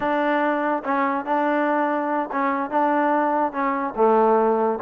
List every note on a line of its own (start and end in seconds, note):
0.00 0.83 D4
0.84 1.25 C#4
1.25 2.29 D4
2.31 2.70 C#4
2.70 3.52 D4
3.52 3.94 C#4
3.96 4.79 A3